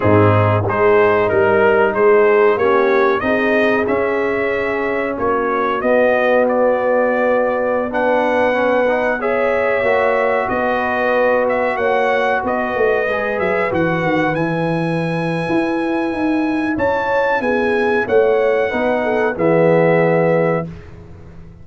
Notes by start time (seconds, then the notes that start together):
0.00 G#2 C4 D#4 G#4
0.64 G#3 D#4 G#4 C5
1.29 G3 A#4
1.94 G#3 G#4 C5
2.56 A#3 C#4 G4 C#5
3.20 C4 D#4 G#4 D#5
3.86 C#4 E5
5.17 A#3 F#4 C#5
5.80 B3 D#5
6.48 D5
7.89 D4 B4 F#5
8.53 C#4
8.86 D#4
9.19 G#4 C#5 E5
9.82 A#3 F#4
10.48 B3 B4 D#5
11.48 E5
11.76 A#3 C#5 F#5
12.42 B3 B4 D#5
12.75 A3
13.07 G#3 G#4
13.39 F#3 E5
13.70 E3 F#4 F#5
14.02 D#3
14.34 E3 E4 G#5
15.48 E4
16.12 D#4
16.76 C#4 C#5 A5
17.40 B3 G#4 G#5
18.06 A3 C#5 F#5
18.69 B3 D#4 B4
19.03 A4
19.35 E3 B3 G#4 E5